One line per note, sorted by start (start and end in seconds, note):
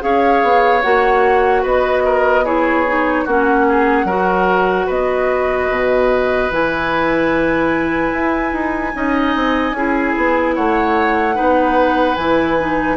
0.00 0.43 C#4
0.00 0.81 G#4
0.00 1.62 C#5
0.00 0.82 F5
0.43 0.83 B3
0.82 1.64 A#3
0.82 2.45 F#4
0.82 1.63 F#5
1.62 3.26 B3
1.62 2.03 B4
1.62 2.46 D#5
2.05 2.45 A#4
2.45 2.86 E4
2.45 3.25 G#4
2.45 3.27 C#5
2.86 3.27 D#4
3.25 4.04 A#3
3.25 4.08 C#4
3.25 3.65 F#4
3.25 4.90 F#5
3.69 4.06 G#4
4.04 4.85 F#3
4.04 6.51 F#4
4.04 4.86 A#4
4.86 5.69 B3
4.86 8.92 B4
4.86 6.52 D#5
5.69 6.50 B2
6.50 8.12 E3
6.50 8.94 E4
6.50 10.55 G#5
8.12 8.52 E4
8.52 8.93 D#4
8.94 9.35 C#4
8.94 9.75 D#4
8.94 9.76 D#5
9.35 9.72 C4
9.72 10.13 C#4
9.72 11.34 E4
9.72 10.55 G#4
10.17 10.57 B3
10.55 11.38 A3
10.55 11.35 C#5
10.55 12.15 F#5
11.34 12.17 B3
11.34 12.16 D#4
11.34 12.97 B4
12.15 12.97 E3
12.15 12.60 E4
12.15 12.96 G#5
12.60 12.97 D#4